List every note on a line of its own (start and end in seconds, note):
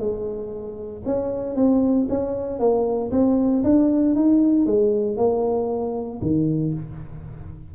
0.00 1.03 G#3
1.06 1.56 C#4
1.56 2.08 C4
2.10 2.60 C#4
2.60 3.12 A#3
3.12 3.63 C4
3.64 4.16 D4
4.16 4.67 D#4
4.67 5.17 G#3
5.17 6.21 A#3
6.22 6.74 D#3